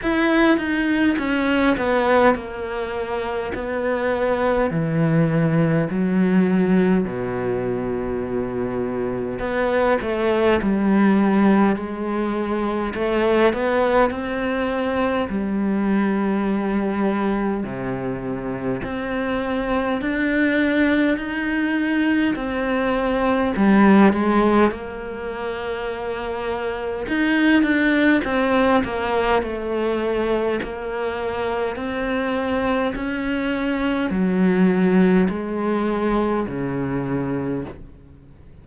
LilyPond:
\new Staff \with { instrumentName = "cello" } { \time 4/4 \tempo 4 = 51 e'8 dis'8 cis'8 b8 ais4 b4 | e4 fis4 b,2 | b8 a8 g4 gis4 a8 b8 | c'4 g2 c4 |
c'4 d'4 dis'4 c'4 | g8 gis8 ais2 dis'8 d'8 | c'8 ais8 a4 ais4 c'4 | cis'4 fis4 gis4 cis4 | }